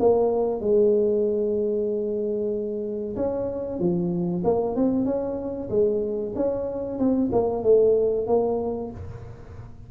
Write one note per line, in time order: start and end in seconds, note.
0.00 0.61 A#3
0.61 3.16 G#3
3.17 3.79 C#4
3.79 4.43 F3
4.44 4.76 A#3
4.76 5.05 C4
5.05 5.69 C#4
5.70 6.34 G#3
6.36 6.99 C#4
6.99 7.31 C4
7.33 7.63 A#3
7.63 8.27 A3
8.27 8.91 A#3